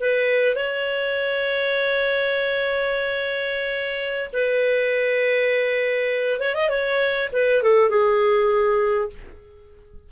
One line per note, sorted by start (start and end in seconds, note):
0.00 0.55 B4
0.55 4.30 C#5
4.33 6.40 B4
6.40 6.54 C#5
6.54 6.69 D#5
6.69 7.29 C#5
7.33 7.63 B4
7.63 7.90 A4
7.90 9.10 G#4